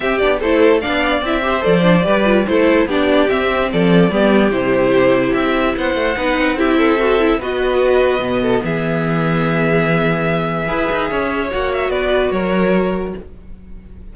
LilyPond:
<<
  \new Staff \with { instrumentName = "violin" } { \time 4/4 \tempo 4 = 146 e''8 d''8 c''4 f''4 e''4 | d''2 c''4 d''4 | e''4 d''2 c''4~ | c''4 e''4 fis''2 |
e''2 dis''2~ | dis''4 e''2.~ | e''1 | fis''8 e''8 d''4 cis''2 | }
  \new Staff \with { instrumentName = "violin" } { \time 4/4 g'4 a'4 d''4. c''8~ | c''4 b'4 a'4 g'4~ | g'4 a'4 g'2~ | g'2 c''4 b'4 |
g'8 a'4. b'2~ | b'8 a'8 gis'2.~ | gis'2 b'4 cis''4~ | cis''4 b'4 ais'2 | }
  \new Staff \with { instrumentName = "viola" } { \time 4/4 c'8 d'8 e'4 d'4 e'8 g'8 | a'8 d'8 g'8 f'8 e'4 d'4 | c'2 b4 e'4~ | e'2. dis'4 |
e'4 fis'8 e'8 fis'2 | b1~ | b2 gis'2 | fis'1 | }
  \new Staff \with { instrumentName = "cello" } { \time 4/4 c'8 b8 a4 b4 c'4 | f4 g4 a4 b4 | c'4 f4 g4 c4~ | c4 c'4 b8 a8 b8 c'8~ |
c'2 b2 | b,4 e2.~ | e2 e'8 dis'8 cis'4 | ais4 b4 fis2 | }
>>